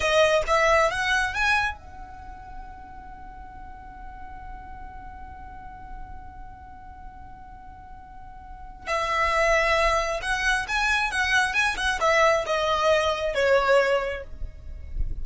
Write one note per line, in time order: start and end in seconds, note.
0.00 0.42 D#5
0.47 0.90 E5
0.90 1.34 F#5
1.34 1.78 G#5
1.78 8.87 F#5
8.87 10.20 E5
10.22 10.66 F#5
10.68 11.11 G#5
11.11 11.53 F#5
11.53 11.76 G#5
11.77 11.99 F#5
12.00 12.44 E5
12.46 13.34 D#5
13.34 14.23 C#5